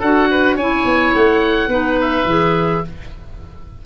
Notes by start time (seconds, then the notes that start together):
0.00 D4 F#4 A4 F#5
0.31 B4
0.56 C#4 E4 C#5 G#5
0.85 B3
1.15 A3 F#5
1.68 B3 D#4 B4
2.01 E5
2.26 E3 G#4